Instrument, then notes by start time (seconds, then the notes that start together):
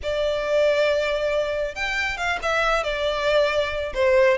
violin
0.02 D5
1.75 G5
2.17 F5
2.42 E5
2.83 D5
3.94 C5